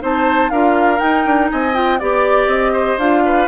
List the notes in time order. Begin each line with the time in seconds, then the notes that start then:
0.00 C4 D#4 C5 A5
0.49 D4 F4 A#4 F5
0.97 D#4 G5
1.25 D4
1.51 C4 D#5 G#5
1.73 F4 G5
1.99 B3 G4 D5
2.46 C4 D#5
2.72 C5
2.98 D4 F4 F5
3.25 B4